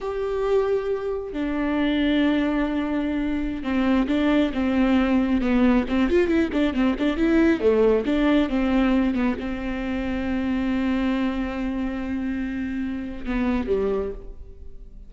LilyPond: \new Staff \with { instrumentName = "viola" } { \time 4/4 \tempo 4 = 136 g'2. d'4~ | d'1~ | d'16 c'4 d'4 c'4.~ c'16~ | c'16 b4 c'8 f'8 e'8 d'8 c'8 d'16~ |
d'16 e'4 a4 d'4 c'8.~ | c'8. b8 c'2~ c'8.~ | c'1~ | c'2 b4 g4 | }